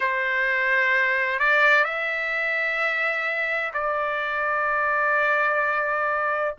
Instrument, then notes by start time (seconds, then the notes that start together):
trumpet
0.00 C5
1.39 D5
1.84 E5
3.73 D5